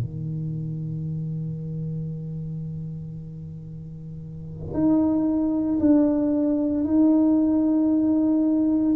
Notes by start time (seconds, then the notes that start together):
0.00 D#3
4.73 D#4
5.79 D4
6.84 D#4